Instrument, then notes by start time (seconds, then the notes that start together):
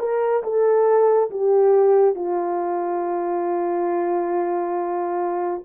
horn
0.00 A#4
0.43 A4
1.31 G4
2.16 F4